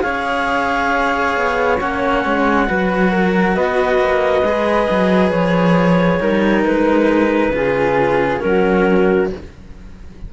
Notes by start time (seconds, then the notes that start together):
0.00 C#4 G#4 C#5 F5
1.36 B3
1.80 A#3 C#4 F#5
2.25 G#3
2.66 F#3 F#4 B4
3.11 A#4
3.55 B3 B4 D#5
3.98 A#3
4.43 G#3 G#4
4.90 F#3
5.30 F3 C#5
6.20 G3 D#4 A#4
6.64 G#3 B4
7.50 C#3 F4 G#4
8.40 F#3 C#4 F#4 A#4